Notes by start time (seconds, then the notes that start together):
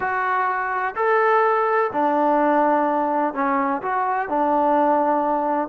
0.00 F#4
0.95 A4
1.92 D4
3.34 C#4
3.82 F#4
4.28 D4